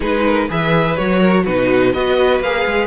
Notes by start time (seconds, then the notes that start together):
0.00 G#3 D#4 G#4 B4
0.24 A#4
0.49 E3 G#4 B4 E5
0.96 F#3 F#4 C#5
1.19 A#4
1.44 B2 D#4 F#4 B4
1.92 B3 F#4 B4 D#5
2.40 A#3 G#4 F5
2.65 G#3